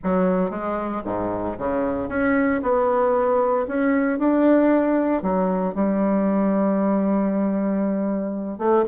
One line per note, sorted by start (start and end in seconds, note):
0.03 0.50 F#3
0.50 1.02 G#3
1.05 1.57 G#2
1.58 2.09 C#3
2.09 2.61 C#4
2.62 3.66 B3
3.67 4.18 C#4
4.18 5.22 D4
5.22 5.74 F#3
5.74 8.58 G3
8.58 8.84 A3